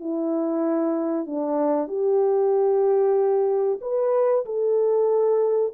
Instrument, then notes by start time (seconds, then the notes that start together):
horn
0.00 E4
1.26 D4
1.88 G4
3.81 B4
4.46 A4